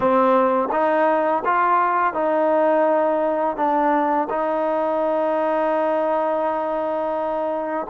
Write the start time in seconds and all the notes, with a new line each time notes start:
0.00 C4
0.71 D#4
1.44 F4
2.13 D#4
3.56 D4
4.29 D#4